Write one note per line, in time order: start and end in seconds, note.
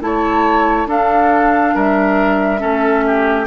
0.00 0.85 A3
0.00 0.87 E4
0.00 0.87 C#5
0.00 0.88 A5
0.85 1.72 D4
0.85 2.58 D4
0.85 1.74 A4
0.85 1.76 F5
1.74 2.62 G3
1.74 2.60 A#4
1.74 3.47 E5
2.58 3.47 A3
2.58 3.45 C#4
2.58 3.04 A4
3.06 3.47 G4